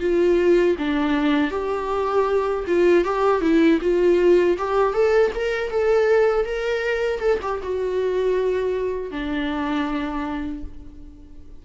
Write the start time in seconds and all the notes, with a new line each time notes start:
0.00 F4
0.78 D4
1.51 G4
2.68 F4
3.05 G4
3.41 E4
3.81 F4
4.58 G4
4.94 A4
5.35 A#4
5.71 A4
6.45 A#4
7.20 A4
7.42 G4
7.63 F#4
9.11 D4